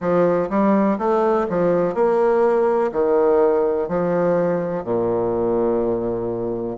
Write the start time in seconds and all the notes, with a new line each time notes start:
0.00 F3
0.49 G3
0.98 A3
1.49 F3
1.94 A#3
2.92 D#3
3.88 F3
4.83 A#2